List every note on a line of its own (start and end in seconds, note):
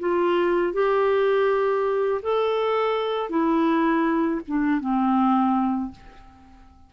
0.00 0.73 F4
0.73 2.22 G4
2.23 3.30 A4
3.30 4.41 E4
4.48 4.81 D4
4.81 5.92 C4